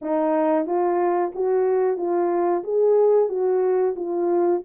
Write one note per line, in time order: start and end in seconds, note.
0.01 0.66 D#4
0.66 1.32 F4
1.34 1.97 F#4
1.97 2.63 F4
2.63 3.28 G#4
3.28 3.94 F#4
3.96 4.62 F4